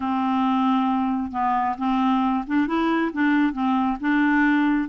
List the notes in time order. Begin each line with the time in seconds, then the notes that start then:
0.00 C4
1.31 B3
1.78 C4
2.47 D4
2.67 E4
3.12 D4
3.53 C4
4.00 D4